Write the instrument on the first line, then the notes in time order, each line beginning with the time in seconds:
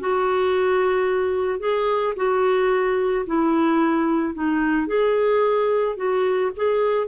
clarinet
0.00 F#4
1.59 G#4
2.17 F#4
3.27 E4
4.34 D#4
4.87 G#4
5.97 F#4
6.57 G#4